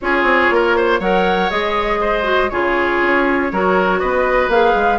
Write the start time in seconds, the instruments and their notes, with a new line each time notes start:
0.01 bassoon C#4, clarinet F4, oboe G#4, flute C#5
0.23 bassoon C4
0.50 bassoon A#3, oboe A#4
0.76 oboe C5
0.99 bassoon F#3, clarinet A#4, oboe C#5, flute F#5
1.49 bassoon G#3, clarinet G#4, flute D#5
2.00 oboe C5
2.23 clarinet F#4
2.49 bassoon C#3, clarinet F4, oboe G#4, flute C#5
3.02 bassoon C#4
3.51 bassoon F#3, clarinet F#4, oboe A#4
3.99 bassoon B3, oboe B4, flute D#5
4.48 bassoon A#3, clarinet G#4, flute F5
4.74 bassoon G#3